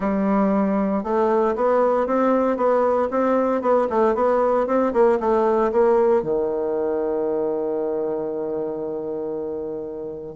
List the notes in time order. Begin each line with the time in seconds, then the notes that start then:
0.00 G3
1.03 A3
1.55 B3
2.06 C4
2.56 B3
3.10 C4
3.61 B3
3.89 A3
4.14 B3
4.67 C4
4.93 A#3
5.20 A3
5.72 A#3
6.22 D#3